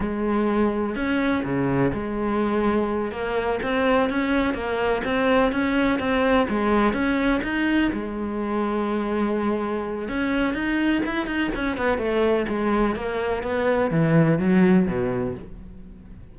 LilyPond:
\new Staff \with { instrumentName = "cello" } { \time 4/4 \tempo 4 = 125 gis2 cis'4 cis4 | gis2~ gis8 ais4 c'8~ | c'8 cis'4 ais4 c'4 cis'8~ | cis'8 c'4 gis4 cis'4 dis'8~ |
dis'8 gis2.~ gis8~ | gis4 cis'4 dis'4 e'8 dis'8 | cis'8 b8 a4 gis4 ais4 | b4 e4 fis4 b,4 | }